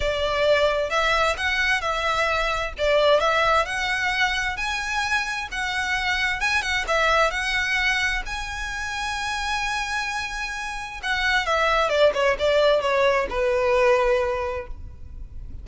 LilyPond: \new Staff \with { instrumentName = "violin" } { \time 4/4 \tempo 4 = 131 d''2 e''4 fis''4 | e''2 d''4 e''4 | fis''2 gis''2 | fis''2 gis''8 fis''8 e''4 |
fis''2 gis''2~ | gis''1 | fis''4 e''4 d''8 cis''8 d''4 | cis''4 b'2. | }